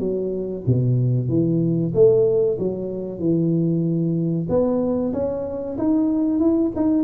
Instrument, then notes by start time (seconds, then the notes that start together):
tuba
0.00 F#3
0.67 B2
1.29 E3
1.94 A3
2.59 F#3
3.20 E3
4.49 B3
5.13 C#4
5.78 D#4
6.40 E4
6.76 D#4